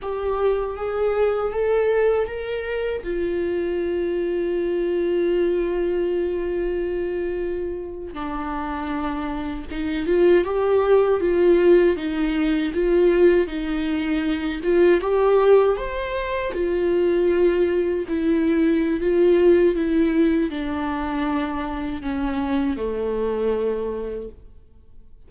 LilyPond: \new Staff \with { instrumentName = "viola" } { \time 4/4 \tempo 4 = 79 g'4 gis'4 a'4 ais'4 | f'1~ | f'2~ f'8. d'4~ d'16~ | d'8. dis'8 f'8 g'4 f'4 dis'16~ |
dis'8. f'4 dis'4. f'8 g'16~ | g'8. c''4 f'2 e'16~ | e'4 f'4 e'4 d'4~ | d'4 cis'4 a2 | }